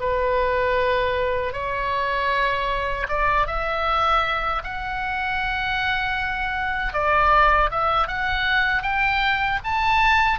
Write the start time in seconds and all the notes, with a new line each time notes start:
0.00 B4
1.53 C#5
3.08 D5
3.47 E5
4.64 F#5
6.93 D5
7.71 E5
8.08 F#5
8.82 G5
9.64 A5